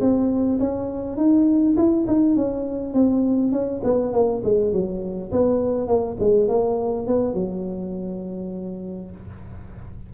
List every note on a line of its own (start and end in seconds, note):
0.00 0.59 C4
0.60 1.17 C#4
1.17 1.75 D#4
1.76 2.06 E4
2.07 2.36 D#4
2.36 2.93 C#4
2.93 3.52 C4
3.52 3.81 C#4
3.83 4.13 B3
4.13 4.42 A#3
4.44 4.72 G#3
4.72 5.31 F#3
5.31 5.87 B3
5.87 6.17 A#3
6.19 6.48 G#3
6.48 7.06 A#3
7.06 7.34 B3
7.34 9.10 F#3